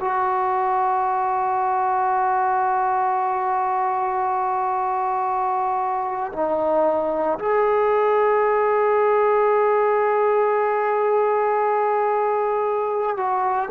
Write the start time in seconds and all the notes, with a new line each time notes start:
0.00 F#4
6.33 D#4
7.39 G#4
13.17 F#4